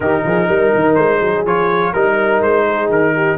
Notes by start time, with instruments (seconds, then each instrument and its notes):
0.00 tuba D#3, trombone D#4, horn G4, trumpet A#4
0.24 tuba F3, horn G#4
0.47 tuba G3, horn A#4
0.74 tuba D#3
0.94 tuba G#3, trumpet C5
1.19 tuba F#3, horn G#4
1.45 tuba F3, trombone F4, trumpet C#5
1.93 tuba G3, trombone D#4, trumpet A#4, horn A#4
2.41 tuba G#3, trumpet C5
2.65 horn G#4
2.89 tuba D#3, trumpet A#4
3.15 horn G4